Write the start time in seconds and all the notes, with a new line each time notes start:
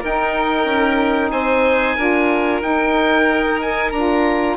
0.00 D#4 A#4 G5
0.65 C#4
1.31 C4 C5 G#5
1.95 D4 F4 A#4
2.61 D#4 G5
3.61 G#5
3.91 D4 F4 A#5